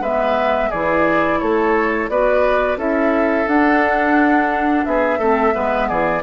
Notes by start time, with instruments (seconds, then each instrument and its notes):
0.00 bassoon G#3, clarinet B3, oboe B4, flute E5
0.69 bassoon E3, clarinet E4, oboe G#4, flute D5
1.40 bassoon A3, oboe A4, flute C#5
2.09 bassoon B3, clarinet F#4, oboe B4, flute D5
2.77 bassoon C#4, clarinet E4, oboe A4, flute E5
3.47 clarinet D4, bassoon D4, flute F#5
4.85 bassoon B3, oboe G#4, flute E5
5.18 bassoon A3, clarinet C4, oboe A4
5.51 bassoon G#3, clarinet B3, oboe B4
5.88 bassoon E3, oboe G#4, flute D5